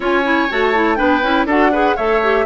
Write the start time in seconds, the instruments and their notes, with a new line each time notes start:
0.00 bassoon C#4, clarinet F4, oboe C#5, flute G#5
0.23 clarinet E4
0.49 bassoon A3, clarinet F#4, flute A5
0.74 clarinet E4
0.95 bassoon B3, clarinet D4, oboe B4, flute G5
1.22 bassoon C#4, clarinet E4
1.45 bassoon D4, clarinet F#4, oboe A4, flute F#5
1.72 clarinet G#4, oboe B4
1.96 bassoon A3, clarinet A4, oboe C#5, flute E5
2.23 clarinet G4